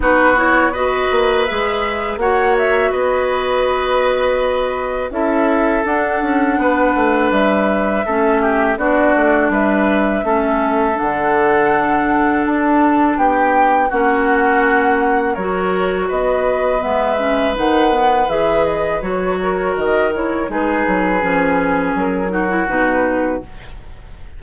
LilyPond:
<<
  \new Staff \with { instrumentName = "flute" } { \time 4/4 \tempo 4 = 82 b'8 cis''8 dis''4 e''4 fis''8 e''8 | dis''2. e''4 | fis''2 e''2 | d''4 e''2 fis''4~ |
fis''4 a''4 g''4 fis''4~ | fis''4 cis''4 dis''4 e''4 | fis''4 e''8 dis''8 cis''4 dis''8 cis''8 | b'2 ais'4 b'4 | }
  \new Staff \with { instrumentName = "oboe" } { \time 4/4 fis'4 b'2 cis''4 | b'2. a'4~ | a'4 b'2 a'8 g'8 | fis'4 b'4 a'2~ |
a'2 g'4 fis'4~ | fis'4 ais'4 b'2~ | b'2~ b'8 ais'4. | gis'2~ gis'8 fis'4. | }
  \new Staff \with { instrumentName = "clarinet" } { \time 4/4 dis'8 e'8 fis'4 gis'4 fis'4~ | fis'2. e'4 | d'2. cis'4 | d'2 cis'4 d'4~ |
d'2. cis'4~ | cis'4 fis'2 b8 cis'8 | dis'8 b8 gis'4 fis'4. e'8 | dis'4 cis'4. dis'16 e'16 dis'4 | }
  \new Staff \with { instrumentName = "bassoon" } { \time 4/4 b4. ais8 gis4 ais4 | b2. cis'4 | d'8 cis'8 b8 a8 g4 a4 | b8 a8 g4 a4 d4~ |
d4 d'4 b4 ais4~ | ais4 fis4 b4 gis4 | dis4 e4 fis4 dis4 | gis8 fis8 f4 fis4 b,4 | }
>>